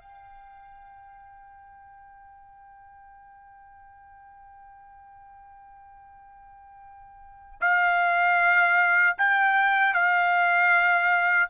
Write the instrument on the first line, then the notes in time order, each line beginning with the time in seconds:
trumpet
0.00 G5
7.61 F5
9.18 G5
9.94 F5